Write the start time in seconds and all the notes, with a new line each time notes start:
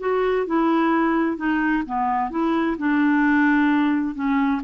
0.00 F#4
0.47 E4
1.37 D#4
1.86 B3
2.30 E4
2.78 D4
4.15 C#4